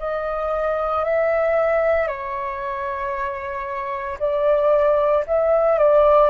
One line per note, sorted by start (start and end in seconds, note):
0.00 1.05 D#5
1.05 2.08 E5
2.08 4.19 C#5
4.20 5.25 D5
5.27 5.79 E5
5.79 6.30 D5